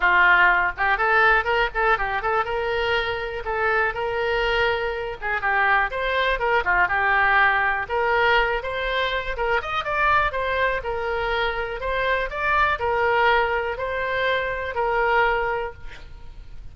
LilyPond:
\new Staff \with { instrumentName = "oboe" } { \time 4/4 \tempo 4 = 122 f'4. g'8 a'4 ais'8 a'8 | g'8 a'8 ais'2 a'4 | ais'2~ ais'8 gis'8 g'4 | c''4 ais'8 f'8 g'2 |
ais'4. c''4. ais'8 dis''8 | d''4 c''4 ais'2 | c''4 d''4 ais'2 | c''2 ais'2 | }